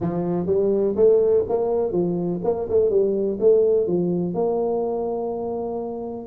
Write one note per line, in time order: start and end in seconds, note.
0.00 0.46 F3
0.46 0.95 G3
0.96 1.44 A3
1.48 1.91 A#3
1.91 2.40 F3
2.43 2.68 A#3
2.69 2.89 A3
2.89 3.38 G3
3.40 3.86 A3
3.86 4.34 F3
4.34 6.26 A#3